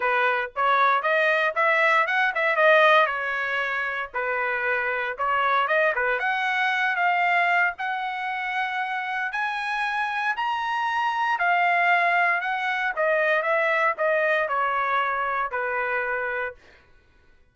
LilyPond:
\new Staff \with { instrumentName = "trumpet" } { \time 4/4 \tempo 4 = 116 b'4 cis''4 dis''4 e''4 | fis''8 e''8 dis''4 cis''2 | b'2 cis''4 dis''8 b'8 | fis''4. f''4. fis''4~ |
fis''2 gis''2 | ais''2 f''2 | fis''4 dis''4 e''4 dis''4 | cis''2 b'2 | }